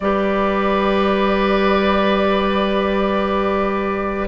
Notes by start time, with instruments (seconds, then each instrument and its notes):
0.00 bassoon G3, clarinet G4, oboe B4, flute D5